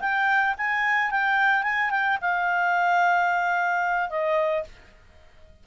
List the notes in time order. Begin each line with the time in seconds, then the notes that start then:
0.00 G5
0.58 G#5
1.11 G5
1.63 G#5
1.90 G5
2.21 F5
4.09 D#5